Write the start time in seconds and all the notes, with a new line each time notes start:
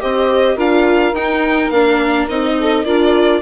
0.00 C4 G4 C5 D#5
0.55 D4 F4 A#4 F5
1.13 D#4 G5
1.70 A#3 D4 F5
2.29 C4 D#4 D#5
2.60 A4
2.84 D4 F4 A#4 D5